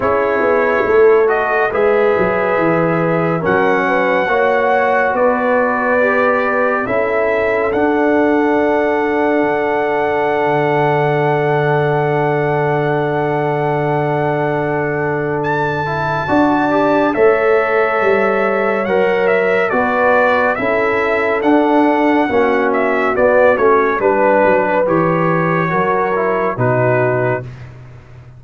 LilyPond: <<
  \new Staff \with { instrumentName = "trumpet" } { \time 4/4 \tempo 4 = 70 cis''4. dis''8 e''2 | fis''2 d''2 | e''4 fis''2.~ | fis''1~ |
fis''2 a''2 | e''2 fis''8 e''8 d''4 | e''4 fis''4. e''8 d''8 cis''8 | b'4 cis''2 b'4 | }
  \new Staff \with { instrumentName = "horn" } { \time 4/4 gis'4 a'4 b'2 | ais'8 b'8 cis''4 b'2 | a'1~ | a'1~ |
a'2. d''4 | cis''2. b'4 | a'2 fis'2 | b'2 ais'4 fis'4 | }
  \new Staff \with { instrumentName = "trombone" } { \time 4/4 e'4. fis'8 gis'2 | cis'4 fis'2 g'4 | e'4 d'2.~ | d'1~ |
d'2~ d'8 e'8 fis'8 g'8 | a'2 ais'4 fis'4 | e'4 d'4 cis'4 b8 cis'8 | d'4 g'4 fis'8 e'8 dis'4 | }
  \new Staff \with { instrumentName = "tuba" } { \time 4/4 cis'8 b8 a4 gis8 fis8 e4 | fis4 ais4 b2 | cis'4 d'2 d4~ | d1~ |
d2. d'4 | a4 g4 fis4 b4 | cis'4 d'4 ais4 b8 a8 | g8 fis8 e4 fis4 b,4 | }
>>